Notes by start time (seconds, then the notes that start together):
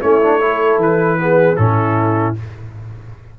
0.00 A3 C#4 E4 C#5
0.22 D4
0.40 E4 A4
0.77 E3 B4
1.18 B3 G#4
1.56 A2 C#4 E4 A4